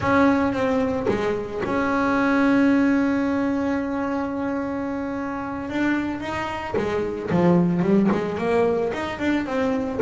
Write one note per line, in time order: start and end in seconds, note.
0.00 0.53 C#4
0.53 1.07 C4
1.07 1.61 G#3
1.64 5.69 C#4
5.69 6.20 D4
6.20 6.74 D#4
6.76 7.30 G#3
7.30 7.82 F3
7.82 8.09 G3
8.11 8.38 G#3
8.38 8.92 A#3
8.93 9.19 D#4
9.19 9.46 D4
9.46 10.00 C4